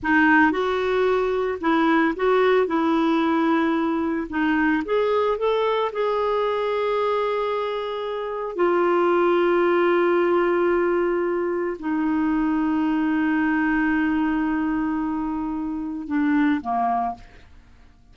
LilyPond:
\new Staff \with { instrumentName = "clarinet" } { \time 4/4 \tempo 4 = 112 dis'4 fis'2 e'4 | fis'4 e'2. | dis'4 gis'4 a'4 gis'4~ | gis'1 |
f'1~ | f'2 dis'2~ | dis'1~ | dis'2 d'4 ais4 | }